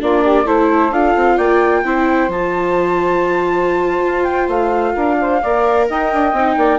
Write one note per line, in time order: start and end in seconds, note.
0.00 0.45 A#3
0.00 0.45 D4
0.00 0.23 F4
0.00 0.47 D5
0.23 0.44 G4
0.44 0.91 A3
0.44 0.92 E4
0.44 1.36 A4
0.44 0.92 C5
0.91 1.14 D4
0.91 1.85 F4
0.91 1.37 F5
1.15 1.38 C4
1.36 1.83 A#3
1.36 1.82 D5
1.36 2.30 G5
1.83 2.28 C4
1.83 2.29 E4
1.83 4.94 C5
2.28 4.01 F3
2.28 5.41 F4
2.28 4.24 A5
4.06 4.48 F4
4.24 4.47 G5
4.48 4.94 A3
4.48 5.88 F5
4.94 5.42 D4
4.94 5.17 A#4
5.20 5.41 C5
5.41 5.90 A#3
5.41 6.36 A#4
5.41 5.87 D5
5.89 6.13 D#4
5.89 6.57 D#5
5.89 6.79 G5
6.13 6.32 D4
6.32 6.56 C4
6.32 6.79 D#4
6.57 6.79 A#3
6.57 6.79 D5